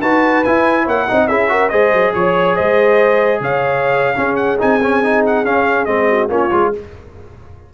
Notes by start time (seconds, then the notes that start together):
0.00 D#4 F#4 B4 A5
0.44 E4 G#5
0.83 A#3 C#5 F#5
1.07 C4 D#4 D#5
1.27 C#4 E4 G#4 E5
1.48 F#4 A#4
1.69 G#3 G#4 C5 D#5
1.92 F#3
2.14 F3 C#5
2.55 G#3 C5 D#5
3.40 C#3 C#5 F5
4.15 C#4 G#4
4.36 F#5
4.59 C4 D#4 G#5
4.82 C#4
5.03 D#4
5.26 F#5
5.44 C#4 F5
5.85 G#3 C4 D#5
6.09 F#4
6.28 A#3 C#4 F4 C#5
6.51 G#3 F4